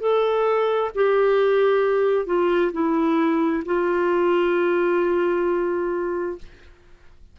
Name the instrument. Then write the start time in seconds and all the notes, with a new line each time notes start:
clarinet
0.00 A4
0.95 G4
2.26 F4
2.72 E4
3.65 F4